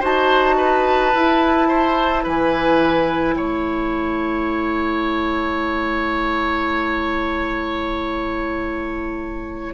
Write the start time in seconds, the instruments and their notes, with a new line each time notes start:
0.00 bassoon D#4, clarinet F#4, oboe C5, flute A5
0.57 oboe B4
1.15 bassoon E4, clarinet E4
1.68 oboe C5
2.23 bassoon E3, oboe B4, flute G#5
3.35 bassoon A3, oboe C#5, flute A5